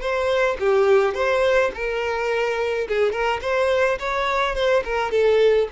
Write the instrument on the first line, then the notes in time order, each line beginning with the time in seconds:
violin
0.00 C5
0.59 G4
1.14 C5
1.74 A#4
2.88 G#4
3.12 A#4
3.41 C5
3.99 C#5
4.55 C5
4.84 A#4
5.11 A4